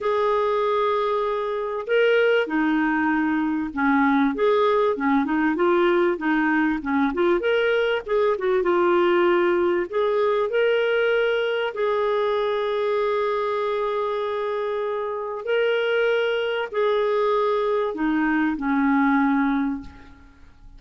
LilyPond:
\new Staff \with { instrumentName = "clarinet" } { \time 4/4 \tempo 4 = 97 gis'2. ais'4 | dis'2 cis'4 gis'4 | cis'8 dis'8 f'4 dis'4 cis'8 f'8 | ais'4 gis'8 fis'8 f'2 |
gis'4 ais'2 gis'4~ | gis'1~ | gis'4 ais'2 gis'4~ | gis'4 dis'4 cis'2 | }